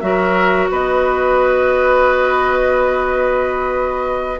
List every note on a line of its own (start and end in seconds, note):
0.00 0.69 F#3
0.00 4.38 F#4
0.00 0.70 A#4
0.00 0.67 E5
0.70 4.39 B3
0.70 4.39 B4
0.70 4.39 D#5